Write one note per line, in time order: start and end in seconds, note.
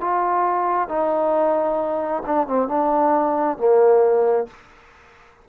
0.00 0.88 F4
0.88 2.22 D#4
2.26 2.47 D4
2.47 2.68 C4
2.68 3.57 D4
3.57 4.47 A#3